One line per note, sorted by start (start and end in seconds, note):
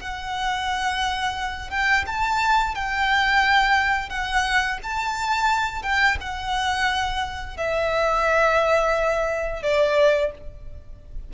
0.00 1.71 F#5
1.71 2.05 G5
2.07 2.75 A5
2.75 4.10 G5
4.10 4.79 F#5
4.83 5.83 A5
5.83 6.18 G5
6.21 7.57 F#5
7.57 9.63 E5
9.63 10.32 D5